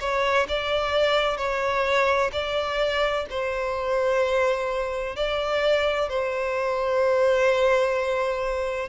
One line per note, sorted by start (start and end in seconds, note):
0.00 0.47 C#5
0.49 1.37 D5
1.37 2.31 C#5
2.33 3.26 D5
3.30 5.16 C5
5.16 6.09 D5
6.09 8.89 C5